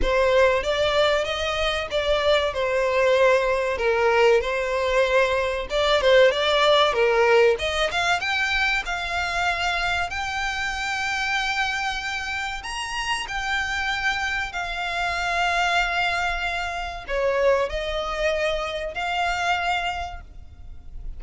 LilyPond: \new Staff \with { instrumentName = "violin" } { \time 4/4 \tempo 4 = 95 c''4 d''4 dis''4 d''4 | c''2 ais'4 c''4~ | c''4 d''8 c''8 d''4 ais'4 | dis''8 f''8 g''4 f''2 |
g''1 | ais''4 g''2 f''4~ | f''2. cis''4 | dis''2 f''2 | }